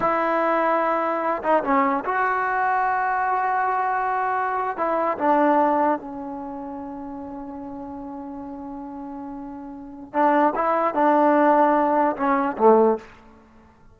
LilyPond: \new Staff \with { instrumentName = "trombone" } { \time 4/4 \tempo 4 = 148 e'2.~ e'8 dis'8 | cis'4 fis'2.~ | fis'2.~ fis'8. e'16~ | e'8. d'2 cis'4~ cis'16~ |
cis'1~ | cis'1~ | cis'4 d'4 e'4 d'4~ | d'2 cis'4 a4 | }